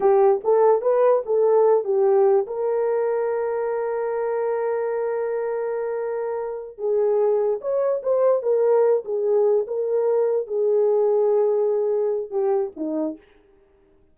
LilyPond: \new Staff \with { instrumentName = "horn" } { \time 4/4 \tempo 4 = 146 g'4 a'4 b'4 a'4~ | a'8 g'4. ais'2~ | ais'1~ | ais'1~ |
ais'8 gis'2 cis''4 c''8~ | c''8 ais'4. gis'4. ais'8~ | ais'4. gis'2~ gis'8~ | gis'2 g'4 dis'4 | }